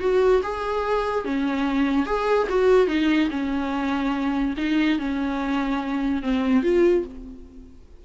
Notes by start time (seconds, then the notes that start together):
0.00 F#4
0.43 G#4
1.25 C#4
2.06 G#4
2.49 F#4
2.87 D#4
3.30 C#4
4.57 D#4
4.99 C#4
6.22 C4
6.63 F4